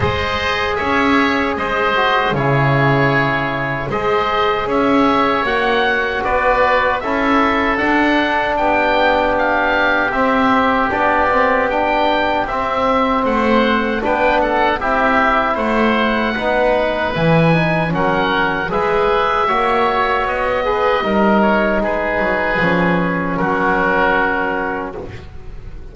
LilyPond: <<
  \new Staff \with { instrumentName = "oboe" } { \time 4/4 \tempo 4 = 77 dis''4 e''4 dis''4 cis''4~ | cis''4 dis''4 e''4 fis''4 | d''4 e''4 fis''4 g''4 | f''4 e''4 d''4 g''4 |
e''4 fis''4 g''8 fis''8 e''4 | fis''2 gis''4 fis''4 | e''2 dis''4. cis''8 | b'2 ais'2 | }
  \new Staff \with { instrumentName = "oboe" } { \time 4/4 c''4 cis''4 c''4 gis'4~ | gis'4 c''4 cis''2 | b'4 a'2 g'4~ | g'1~ |
g'4 c''4 b'8 a'8 g'4 | c''4 b'2 ais'4 | b'4 cis''4. b'8 ais'4 | gis'2 fis'2 | }
  \new Staff \with { instrumentName = "trombone" } { \time 4/4 gis'2~ gis'8 fis'8 e'4~ | e'4 gis'2 fis'4~ | fis'4 e'4 d'2~ | d'4 c'4 d'8 c'8 d'4 |
c'2 d'4 e'4~ | e'4 dis'4 e'8 dis'8 cis'4 | gis'4 fis'4. gis'8 dis'4~ | dis'4 cis'2. | }
  \new Staff \with { instrumentName = "double bass" } { \time 4/4 gis4 cis'4 gis4 cis4~ | cis4 gis4 cis'4 ais4 | b4 cis'4 d'4 b4~ | b4 c'4 b2 |
c'4 a4 b4 c'4 | a4 b4 e4 fis4 | gis4 ais4 b4 g4 | gis8 fis8 f4 fis2 | }
>>